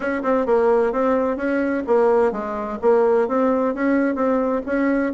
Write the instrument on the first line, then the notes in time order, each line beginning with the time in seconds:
bassoon
0.00 C#4
0.22 C4
0.46 A#3
0.92 C4
1.36 C#4
1.86 A#3
2.32 G#3
2.81 A#3
3.28 C4
3.74 C#4
4.15 C4
4.66 C#4